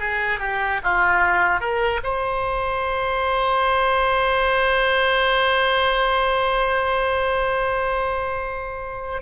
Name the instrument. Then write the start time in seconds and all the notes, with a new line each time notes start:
oboe
0.00 G#4
0.40 G4
0.84 F4
1.60 A#4
2.04 C5